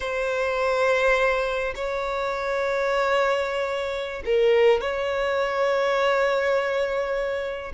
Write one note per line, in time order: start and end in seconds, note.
0.00 1.73 C5
1.75 4.22 C#5
4.25 4.81 A#4
4.81 7.72 C#5